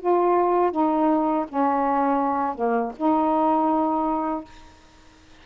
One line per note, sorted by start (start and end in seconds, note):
0.00 0.72 F4
0.72 1.46 D#4
1.49 2.55 C#4
2.55 2.92 A#3
2.97 4.45 D#4